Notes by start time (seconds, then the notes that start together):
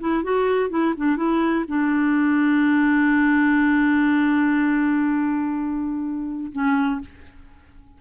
0.00 E4
0.24 F#4
0.70 E4
0.97 D4
1.17 E4
1.68 D4
6.52 C#4